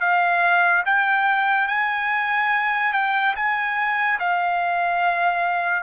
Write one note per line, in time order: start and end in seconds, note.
0.00 0.83 F5
0.85 1.68 G5
1.68 2.93 G#5
2.93 3.35 G5
3.36 4.19 G#5
4.19 5.83 F5